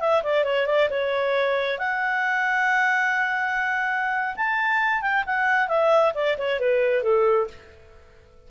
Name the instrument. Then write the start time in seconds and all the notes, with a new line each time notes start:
clarinet
0.00 E5
0.23 D5
0.44 C#5
0.66 D5
0.90 C#5
1.78 F#5
4.36 A5
5.02 G5
5.26 F#5
5.68 E5
6.14 D5
6.38 C#5
6.60 B4
7.03 A4